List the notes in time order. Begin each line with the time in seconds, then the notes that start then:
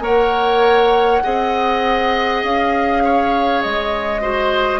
0.00 A#3 A#4 C#5 F#5
1.23 C4 G#4 D#5
2.43 C#4 F5
3.04 C#5
3.62 G#3 D#5
4.21 F#4 C5